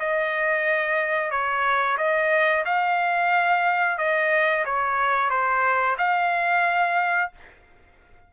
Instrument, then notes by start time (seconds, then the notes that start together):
trumpet
0.00 D#5
1.31 C#5
1.98 D#5
2.66 F5
3.98 D#5
4.65 C#5
5.30 C5
5.98 F5